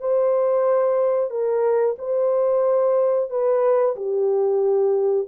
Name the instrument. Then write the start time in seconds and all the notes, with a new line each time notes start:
horn
0.00 C5
1.30 A#4
1.98 C5
3.30 B4
3.96 G4